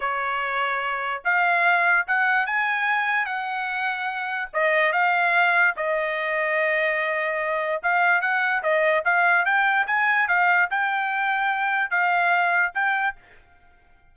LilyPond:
\new Staff \with { instrumentName = "trumpet" } { \time 4/4 \tempo 4 = 146 cis''2. f''4~ | f''4 fis''4 gis''2 | fis''2. dis''4 | f''2 dis''2~ |
dis''2. f''4 | fis''4 dis''4 f''4 g''4 | gis''4 f''4 g''2~ | g''4 f''2 g''4 | }